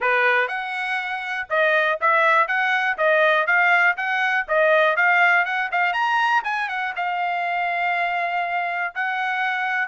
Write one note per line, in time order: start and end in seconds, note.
0.00 0.48 B4
0.48 1.47 F#5
1.49 1.99 D#5
2.01 2.47 E5
2.47 2.97 F#5
2.97 3.47 D#5
3.47 3.96 F5
3.96 4.46 F#5
4.48 4.96 D#5
4.96 5.45 F5
5.45 5.70 F#5
5.71 5.93 F5
5.93 6.42 A#5
6.43 6.68 G#5
6.69 6.93 F#5
6.96 8.94 F5
8.94 9.88 F#5